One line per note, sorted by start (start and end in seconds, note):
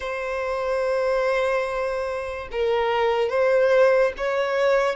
0.00 2.48 C5
2.51 3.29 A#4
3.29 4.12 C5
4.17 4.95 C#5